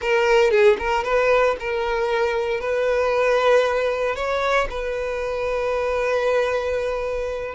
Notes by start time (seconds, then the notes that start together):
0.01 A#4
0.51 G#4
0.78 A#4
1.04 B4
1.59 A#4
2.60 B4
4.15 C#5
4.70 B4